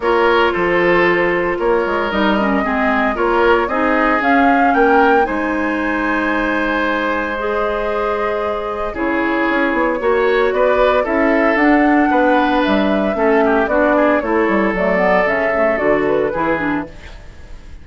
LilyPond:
<<
  \new Staff \with { instrumentName = "flute" } { \time 4/4 \tempo 4 = 114 cis''4 c''2 cis''4 | dis''2 cis''4 dis''4 | f''4 g''4 gis''2~ | gis''2 dis''2~ |
dis''4 cis''2. | d''4 e''4 fis''2 | e''2 d''4 cis''4 | d''4 e''4 d''8 b'4. | }
  \new Staff \with { instrumentName = "oboe" } { \time 4/4 ais'4 a'2 ais'4~ | ais'4 gis'4 ais'4 gis'4~ | gis'4 ais'4 c''2~ | c''1~ |
c''4 gis'2 cis''4 | b'4 a'2 b'4~ | b'4 a'8 g'8 fis'8 gis'8 a'4~ | a'2. gis'4 | }
  \new Staff \with { instrumentName = "clarinet" } { \time 4/4 f'1 | dis'8 cis'8 c'4 f'4 dis'4 | cis'2 dis'2~ | dis'2 gis'2~ |
gis'4 e'2 fis'4~ | fis'4 e'4 d'2~ | d'4 cis'4 d'4 e'4 | a8 b8 cis'8 a8 fis'4 e'8 d'8 | }
  \new Staff \with { instrumentName = "bassoon" } { \time 4/4 ais4 f2 ais8 gis8 | g4 gis4 ais4 c'4 | cis'4 ais4 gis2~ | gis1~ |
gis4 cis4 cis'8 b8 ais4 | b4 cis'4 d'4 b4 | g4 a4 b4 a8 g8 | fis4 cis4 d4 e4 | }
>>